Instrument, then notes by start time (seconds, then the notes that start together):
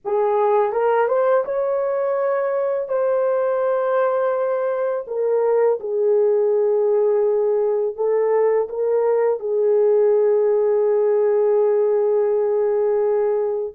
horn
0.04 G#4
0.72 A#4
1.07 C5
1.45 C#5
2.88 C5
5.07 A#4
5.80 G#4
7.95 A4
8.69 A#4
9.39 G#4